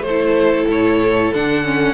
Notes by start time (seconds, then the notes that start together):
0.00 A3 A4 C5
0.09 E4
0.67 A2 C#5
1.33 D3 D4 F#5
1.64 C#4